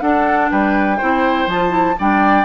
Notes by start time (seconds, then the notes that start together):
0.00 D4 A4 F#5
0.51 G3 B4 G5
0.97 C4 E4 C5
1.47 F3 F4 A5
1.69 E4
1.98 G3 D4 D5 G5